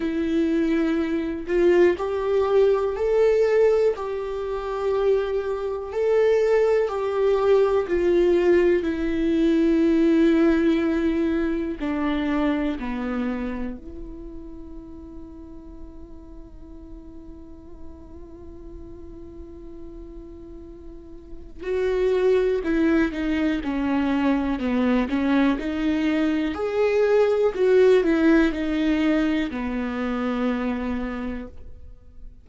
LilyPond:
\new Staff \with { instrumentName = "viola" } { \time 4/4 \tempo 4 = 61 e'4. f'8 g'4 a'4 | g'2 a'4 g'4 | f'4 e'2. | d'4 b4 e'2~ |
e'1~ | e'2 fis'4 e'8 dis'8 | cis'4 b8 cis'8 dis'4 gis'4 | fis'8 e'8 dis'4 b2 | }